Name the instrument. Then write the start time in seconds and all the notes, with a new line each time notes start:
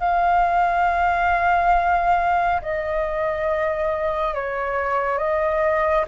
flute
0.00 F5
2.61 D#5
4.34 C#5
5.18 D#5